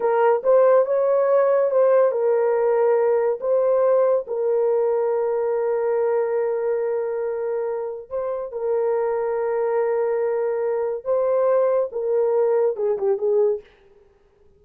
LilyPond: \new Staff \with { instrumentName = "horn" } { \time 4/4 \tempo 4 = 141 ais'4 c''4 cis''2 | c''4 ais'2. | c''2 ais'2~ | ais'1~ |
ais'2. c''4 | ais'1~ | ais'2 c''2 | ais'2 gis'8 g'8 gis'4 | }